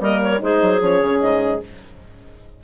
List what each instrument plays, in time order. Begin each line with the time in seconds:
0.00 bassoon G3, horn A#3, clarinet A#4 D#5
0.22 clarinet C#5
0.38 bassoon G#3, horn D#4, clarinet G#4 C5
0.61 bassoon F#3
0.81 bassoon F3, horn C#4, clarinet C#5
1.01 bassoon C#3
1.20 bassoon G#2, clarinet D#5